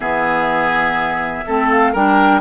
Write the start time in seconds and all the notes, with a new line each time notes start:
0.00 E3 B3 G#4 E5
1.46 A3 C4 A4
1.70 F5
1.92 G3 D4 A#4 G5